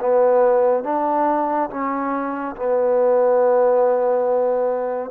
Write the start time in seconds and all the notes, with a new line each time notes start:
0.00 B3
0.84 D4
1.70 C#4
2.56 B3